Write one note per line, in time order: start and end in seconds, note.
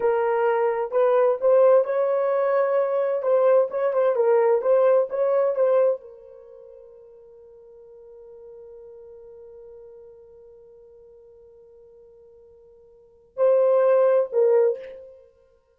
0.00 0.91 A#4
0.91 1.37 B4
1.41 1.84 C5
1.84 3.22 C#5
3.22 3.68 C5
3.70 3.93 C#5
3.93 4.15 C5
4.15 4.61 A#4
4.61 5.07 C5
5.09 5.55 C#5
5.55 6.00 C5
6.00 13.36 A#4
13.36 14.29 C5
14.32 14.78 A#4